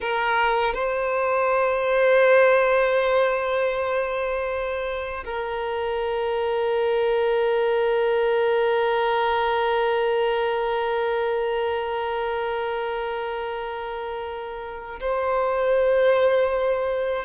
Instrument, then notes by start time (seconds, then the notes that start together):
violin
0.00 A#4
0.74 C5
5.24 A#4
15.00 C5